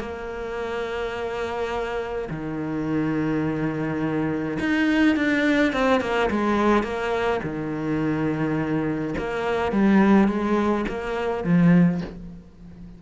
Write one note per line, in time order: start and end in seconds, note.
0.00 2.29 A#3
2.30 4.59 D#3
4.60 5.16 D#4
5.16 5.73 D4
5.73 6.01 C4
6.01 6.30 A#3
6.31 6.84 G#3
6.84 7.41 A#3
7.43 9.15 D#3
9.18 9.72 A#3
9.72 10.28 G3
10.28 10.85 G#3
10.89 11.44 A#3
11.44 12.02 F3